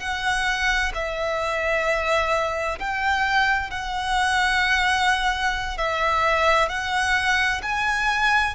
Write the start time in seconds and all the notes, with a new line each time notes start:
0.00 F#5
0.94 E5
2.79 G5
3.70 F#5
5.78 E5
6.69 F#5
7.63 G#5